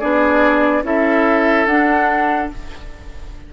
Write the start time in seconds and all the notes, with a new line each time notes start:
0.00 B3 D4 G#4 D5
0.83 C#4 E4 A4 E5
1.66 D4 F#5